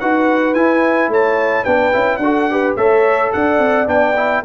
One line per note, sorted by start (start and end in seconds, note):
0.00 0.55 D#4
0.00 0.55 F#4
0.00 1.11 B4
0.00 0.55 F#5
0.55 1.66 E4
0.55 1.09 E4
0.55 1.10 G#5
1.09 1.64 A3
1.09 1.64 C#5
1.09 1.65 A5
1.64 1.95 B3
1.64 1.93 D4
1.64 2.20 B4
1.64 2.17 G5
1.93 2.18 C#4
1.93 2.21 E4
2.17 2.74 D4
2.17 2.73 F#5
2.23 2.51 F#4
2.23 2.52 A4
2.51 2.78 G4
2.51 2.77 B4
2.77 3.33 A3
2.77 3.87 A4
2.77 3.32 C#5
2.77 3.32 E5
3.33 3.59 D4
3.33 4.45 D5
3.33 3.88 F#5
3.59 3.87 C4
3.87 4.43 B3
3.87 4.14 D4
3.87 4.44 G5
4.17 4.44 E4